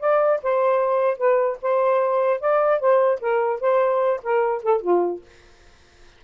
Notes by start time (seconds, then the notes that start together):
0.00 D5
0.43 C5
1.18 B4
1.62 C5
2.40 D5
2.80 C5
3.20 A#4
3.60 C5
4.23 A#4
4.63 A4
4.81 F4